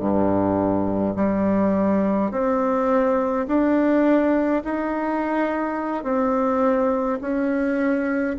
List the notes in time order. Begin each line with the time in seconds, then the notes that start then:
0.00 G2
1.16 G3
2.31 C4
3.48 D4
4.65 D#4
6.04 C4
7.21 C#4